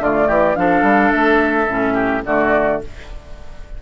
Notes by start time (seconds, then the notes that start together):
0.00 D3 A3 F4 D5
0.28 E3 G4
0.56 F3 D4 A4 F5
0.83 G3
1.12 A3 E5
1.68 A2 C#4
1.94 G4
2.26 D3 A3 F#4 D5